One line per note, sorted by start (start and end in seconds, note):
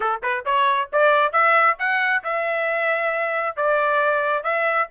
0.00 0.20 A4
0.22 0.44 B4
0.45 0.89 C#5
0.92 1.32 D5
1.32 1.77 E5
1.78 2.23 F#5
2.23 3.56 E5
3.56 4.43 D5
4.43 4.88 E5